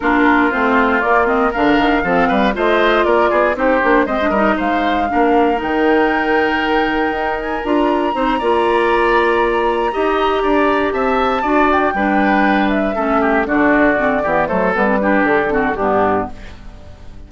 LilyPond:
<<
  \new Staff \with { instrumentName = "flute" } { \time 4/4 \tempo 4 = 118 ais'4 c''4 d''8 dis''8 f''4~ | f''4 dis''4 d''4 c''4 | dis''4 f''2 g''4~ | g''2~ g''8 gis''8 ais''4~ |
ais''1~ | ais''4. a''4. g''4~ | g''4 e''4. d''4.~ | d''8 c''8 b'4 a'4 g'4 | }
  \new Staff \with { instrumentName = "oboe" } { \time 4/4 f'2. ais'4 | a'8 b'8 c''4 ais'8 gis'8 g'4 | c''8 ais'8 c''4 ais'2~ | ais'1 |
c''8 d''2. dis''8~ | dis''8 d''4 e''4 d''4 b'8~ | b'4. a'8 g'8 fis'4. | g'8 a'4 g'4 fis'8 d'4 | }
  \new Staff \with { instrumentName = "clarinet" } { \time 4/4 d'4 c'4 ais8 c'8 d'4 | c'4 f'2 dis'8 d'8 | c'16 d'16 dis'4. d'4 dis'4~ | dis'2. f'4 |
dis'8 f'2. g'8~ | g'2~ g'8 fis'4 d'8~ | d'4. cis'4 d'4 c'8 | b8 a8 b16 c'16 d'4 c'8 b4 | }
  \new Staff \with { instrumentName = "bassoon" } { \time 4/4 ais4 a4 ais4 d8 dis8 | f8 g8 a4 ais8 b8 c'8 ais8 | gis8 g8 gis4 ais4 dis4~ | dis2 dis'4 d'4 |
c'8 ais2. dis'8~ | dis'8 d'4 c'4 d'4 g8~ | g4. a4 d4. | e8 fis8 g4 d4 g,4 | }
>>